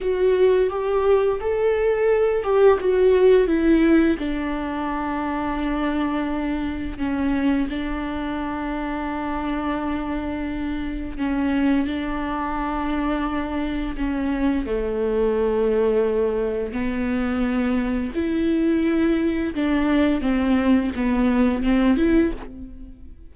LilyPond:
\new Staff \with { instrumentName = "viola" } { \time 4/4 \tempo 4 = 86 fis'4 g'4 a'4. g'8 | fis'4 e'4 d'2~ | d'2 cis'4 d'4~ | d'1 |
cis'4 d'2. | cis'4 a2. | b2 e'2 | d'4 c'4 b4 c'8 e'8 | }